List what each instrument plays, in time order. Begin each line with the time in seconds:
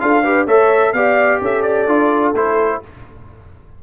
0.00 tuba D4, trombone F4, horn A4, trumpet F5
0.24 trombone G4, horn B4
0.47 tuba A3, trombone A4, horn C#5, trumpet E5
0.93 tuba B3, trombone G4, horn D5, trumpet F5
1.41 tuba C#4, horn A4, trumpet E5
1.62 trumpet D5
1.87 tuba D4, trombone F4
2.34 tuba A3, trombone E4, trumpet C5